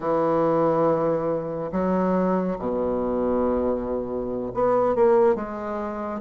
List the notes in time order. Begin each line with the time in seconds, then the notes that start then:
0.00 E3
1.71 F#3
2.59 B2
4.54 B3
4.95 A#3
5.35 G#3